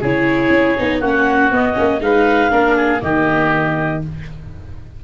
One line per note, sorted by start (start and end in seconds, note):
0.00 0.49 C#3
0.00 0.78 E4
0.00 0.99 G#4
0.00 1.01 C#5
0.49 0.74 C#4
0.78 1.01 B3
0.78 1.02 D#4
0.99 1.51 A#3
0.99 1.52 C#4
0.99 1.99 F#4
0.99 1.51 F#5
1.51 1.76 B3
1.51 1.73 B3
1.51 2.02 D#5
1.73 2.00 A#3
1.73 1.98 C#4
2.00 2.50 G#3
2.00 2.50 D#4
2.00 2.51 B4
2.00 3.02 F5
2.50 3.02 A#3
2.50 3.00 D4
2.50 2.76 A#4
2.76 3.01 G#4
3.00 4.02 D#3
3.00 4.00 A#3
3.00 4.04 G4
3.00 4.02 D#5